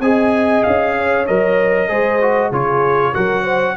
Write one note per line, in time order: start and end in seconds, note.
0.00 0.62 C4
0.00 1.27 G#4
0.00 0.96 D#5
0.00 0.63 G#5
0.63 1.28 C#4
0.63 1.25 F5
0.97 1.89 C#5
1.26 1.89 F#3
1.26 1.88 A#4
1.26 2.51 D#5
1.88 2.51 G#3
1.88 2.19 G#4
1.88 2.49 C5
2.21 2.52 F#4
2.49 3.13 C#3
2.49 3.13 F4
2.49 3.12 G#4
2.49 3.14 C#5
3.12 3.76 F#3
3.12 3.76 F#4
3.12 3.43 A#4
3.12 3.76 F#5
3.43 3.74 C5